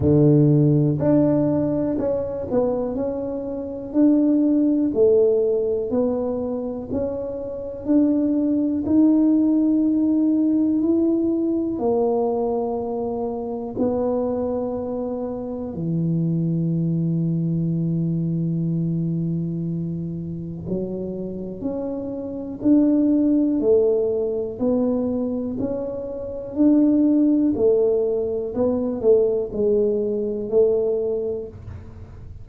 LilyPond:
\new Staff \with { instrumentName = "tuba" } { \time 4/4 \tempo 4 = 61 d4 d'4 cis'8 b8 cis'4 | d'4 a4 b4 cis'4 | d'4 dis'2 e'4 | ais2 b2 |
e1~ | e4 fis4 cis'4 d'4 | a4 b4 cis'4 d'4 | a4 b8 a8 gis4 a4 | }